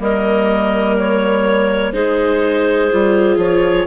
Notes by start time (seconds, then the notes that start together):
0.00 G3 A#3 A#4 D#5
0.98 C#5
1.93 G#3 D#4 G#4 C5
2.92 G3 F4
3.37 F3 C#5